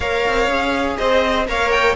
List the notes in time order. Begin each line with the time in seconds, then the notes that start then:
0.00 A#3 A#4 C#5 F5
0.27 C4
0.47 C#4 G#4
0.97 C4 C5 D#5
1.47 A#3 A#4 C#5 F5
1.71 G5